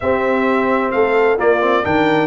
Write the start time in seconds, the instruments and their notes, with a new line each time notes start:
0.00 tuba C4, trombone C4, horn G4, trumpet E5
0.91 tuba A3, horn A4, trumpet F5
1.37 trombone A#3, tuba A#3, horn F4, trumpet D5
1.60 trombone C4
1.83 tuba D#3, trombone D4, horn A#4, trumpet G5